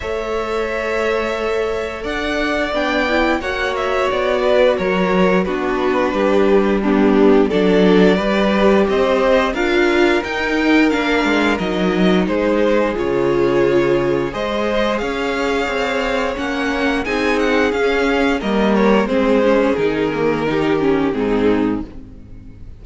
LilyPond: <<
  \new Staff \with { instrumentName = "violin" } { \time 4/4 \tempo 4 = 88 e''2. fis''4 | g''4 fis''8 e''8 d''4 cis''4 | b'2 g'4 d''4~ | d''4 dis''4 f''4 g''4 |
f''4 dis''4 c''4 cis''4~ | cis''4 dis''4 f''2 | fis''4 gis''8 fis''8 f''4 dis''8 cis''8 | c''4 ais'2 gis'4 | }
  \new Staff \with { instrumentName = "violin" } { \time 4/4 cis''2. d''4~ | d''4 cis''4. b'8 ais'4 | fis'4 g'4 d'4 a'4 | b'4 c''4 ais'2~ |
ais'2 gis'2~ | gis'4 c''4 cis''2~ | cis''4 gis'2 ais'4 | gis'2 g'4 dis'4 | }
  \new Staff \with { instrumentName = "viola" } { \time 4/4 a'1 | d'8 e'8 fis'2. | d'2 b4 d'4 | g'2 f'4 dis'4 |
d'4 dis'2 f'4~ | f'4 gis'2. | cis'4 dis'4 cis'4 ais4 | c'8 cis'8 dis'8 ais8 dis'8 cis'8 c'4 | }
  \new Staff \with { instrumentName = "cello" } { \time 4/4 a2. d'4 | b4 ais4 b4 fis4 | b4 g2 fis4 | g4 c'4 d'4 dis'4 |
ais8 gis8 fis4 gis4 cis4~ | cis4 gis4 cis'4 c'4 | ais4 c'4 cis'4 g4 | gis4 dis2 gis,4 | }
>>